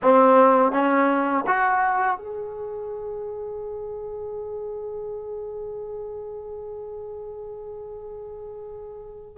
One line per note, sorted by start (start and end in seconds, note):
0.02 0.72 C4
0.72 1.44 C#4
1.46 2.17 F#4
2.17 9.37 G#4